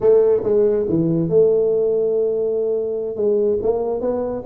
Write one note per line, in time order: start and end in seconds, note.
0.00 0.42 A3
0.43 0.85 G#3
0.88 1.29 E3
1.29 3.15 A3
3.15 3.58 G#3
3.62 4.00 A#3
4.00 4.43 B3